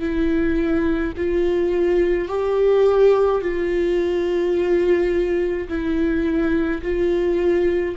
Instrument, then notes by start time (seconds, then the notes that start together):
viola
0.00 E4
1.17 F4
2.29 G4
3.42 F4
5.69 E4
6.82 F4